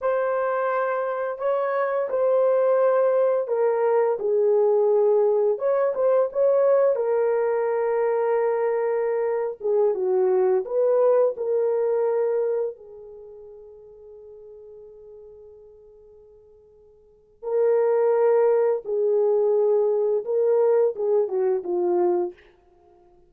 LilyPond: \new Staff \with { instrumentName = "horn" } { \time 4/4 \tempo 4 = 86 c''2 cis''4 c''4~ | c''4 ais'4 gis'2 | cis''8 c''8 cis''4 ais'2~ | ais'4.~ ais'16 gis'8 fis'4 b'8.~ |
b'16 ais'2 gis'4.~ gis'16~ | gis'1~ | gis'4 ais'2 gis'4~ | gis'4 ais'4 gis'8 fis'8 f'4 | }